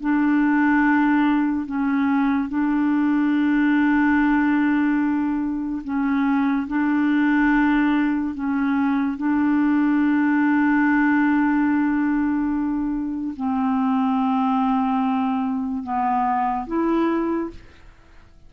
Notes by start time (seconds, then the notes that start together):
0.00 D4
1.66 C#4
2.48 D4
5.84 C#4
6.67 D4
8.34 C#4
9.17 D4
13.36 C4
15.83 B3
16.67 E4